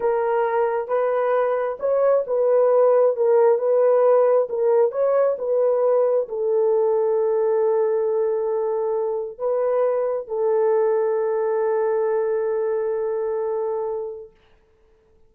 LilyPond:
\new Staff \with { instrumentName = "horn" } { \time 4/4 \tempo 4 = 134 ais'2 b'2 | cis''4 b'2 ais'4 | b'2 ais'4 cis''4 | b'2 a'2~ |
a'1~ | a'4 b'2 a'4~ | a'1~ | a'1 | }